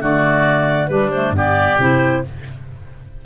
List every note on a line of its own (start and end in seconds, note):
0.00 0.90 D3
0.00 0.89 A3
0.00 0.90 F#4
0.00 0.88 D5
0.88 1.31 G3
0.88 1.13 G3
0.88 1.36 D4
0.88 1.10 B4
1.11 1.34 A3
1.11 1.33 C5
1.31 1.75 G2
1.31 1.79 B3
1.37 2.26 G4
1.37 1.81 D5
1.79 2.24 C3
1.79 2.24 E4
1.79 2.25 C5